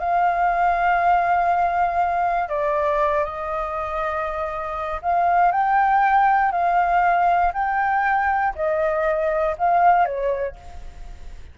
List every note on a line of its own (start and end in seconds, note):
0.00 2.49 F5
2.49 3.25 D5
3.25 5.01 D#5
5.03 5.52 F5
5.52 6.52 G5
6.52 7.53 F5
7.54 8.55 G5
8.56 9.56 D#5
9.58 10.06 F5
10.06 10.56 C#5